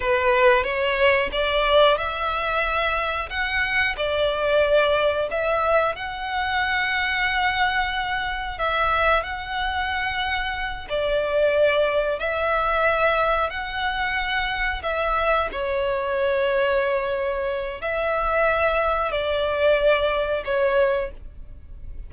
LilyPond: \new Staff \with { instrumentName = "violin" } { \time 4/4 \tempo 4 = 91 b'4 cis''4 d''4 e''4~ | e''4 fis''4 d''2 | e''4 fis''2.~ | fis''4 e''4 fis''2~ |
fis''8 d''2 e''4.~ | e''8 fis''2 e''4 cis''8~ | cis''2. e''4~ | e''4 d''2 cis''4 | }